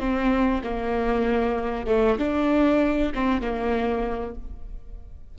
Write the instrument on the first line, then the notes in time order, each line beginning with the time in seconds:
viola
0.00 C4
0.64 A#3
1.87 A3
2.19 D4
3.15 C4
3.42 A#3